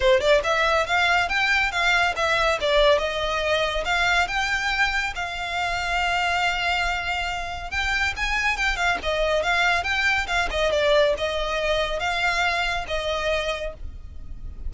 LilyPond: \new Staff \with { instrumentName = "violin" } { \time 4/4 \tempo 4 = 140 c''8 d''8 e''4 f''4 g''4 | f''4 e''4 d''4 dis''4~ | dis''4 f''4 g''2 | f''1~ |
f''2 g''4 gis''4 | g''8 f''8 dis''4 f''4 g''4 | f''8 dis''8 d''4 dis''2 | f''2 dis''2 | }